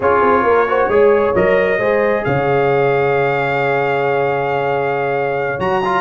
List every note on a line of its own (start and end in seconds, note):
0.00 0.21 C#4
0.00 0.68 F4
0.00 0.44 G#4
0.00 1.34 C#5
0.21 0.42 C4
0.42 0.87 A#3
0.42 0.69 A#4
0.68 0.90 F#4
0.68 0.89 C5
0.88 1.33 G#3
0.88 1.35 G#4
0.88 1.79 C#5
1.34 1.79 F#3
1.34 1.79 A#4
1.34 2.24 D#5
1.79 2.24 G#3
1.79 5.59 G#4
1.79 2.24 C5
2.24 5.59 C#3
2.24 6.01 C#5
2.24 5.59 F5
5.59 6.01 F#3
5.59 5.82 F#4
5.59 6.01 A#5
5.84 6.01 F4